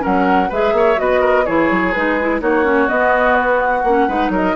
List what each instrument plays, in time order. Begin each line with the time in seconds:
0.00 bassoon F#3, clarinet C#4, oboe A#4, flute F#5
0.49 bassoon G#3, clarinet G#4, oboe B4, flute E5
0.73 bassoon A#3, oboe C#5
0.97 bassoon B3, clarinet F#4, oboe B4, flute D#5
1.21 oboe A#4
1.46 bassoon E3, clarinet E4, oboe G#4, flute C#5
1.71 bassoon F#3
1.93 bassoon G#3, clarinet D#4, flute B4
2.21 clarinet E4
2.41 bassoon A#3, clarinet D#4, oboe F#4, flute C#5
2.64 clarinet C#4
2.88 clarinet B3, bassoon B3, flute D#5
3.36 flute B4
3.60 flute F#5
3.84 bassoon A#3, clarinet C#4
4.08 bassoon G#3, clarinet D#4, oboe B4
4.30 bassoon F#3, oboe A#4, flute D#5